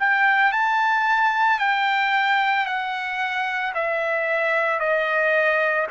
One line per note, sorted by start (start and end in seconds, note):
0.00 0.52 G5
0.52 1.59 A5
1.59 2.66 G5
2.66 3.74 F#5
3.75 4.80 E5
4.80 5.87 D#5